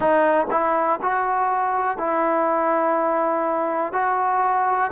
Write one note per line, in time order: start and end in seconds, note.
0.00 0.46 D#4
0.50 0.99 E4
1.01 1.97 F#4
1.97 3.92 E4
3.92 4.90 F#4